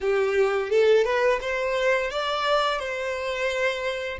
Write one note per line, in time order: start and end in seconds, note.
0.01 0.70 G4
0.70 1.04 A4
1.04 1.39 B4
1.41 2.10 C5
2.10 2.79 D5
2.79 4.18 C5